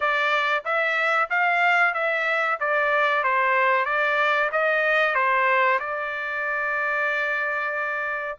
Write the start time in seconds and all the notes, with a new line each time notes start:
0.00 D5
0.65 E5
1.30 F5
1.94 E5
2.60 D5
3.23 C5
3.85 D5
4.52 D#5
5.14 C5
5.79 D5